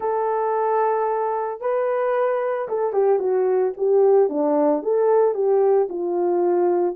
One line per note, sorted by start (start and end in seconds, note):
0.00 1.60 A4
1.60 2.68 B4
2.68 2.92 A4
2.92 3.19 G4
3.19 3.72 F#4
3.77 4.29 G4
4.29 4.82 D4
4.82 5.34 A4
5.34 5.88 G4
5.89 6.96 F4